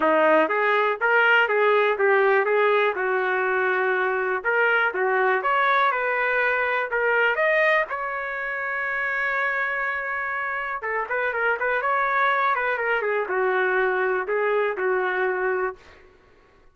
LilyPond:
\new Staff \with { instrumentName = "trumpet" } { \time 4/4 \tempo 4 = 122 dis'4 gis'4 ais'4 gis'4 | g'4 gis'4 fis'2~ | fis'4 ais'4 fis'4 cis''4 | b'2 ais'4 dis''4 |
cis''1~ | cis''2 a'8 b'8 ais'8 b'8 | cis''4. b'8 ais'8 gis'8 fis'4~ | fis'4 gis'4 fis'2 | }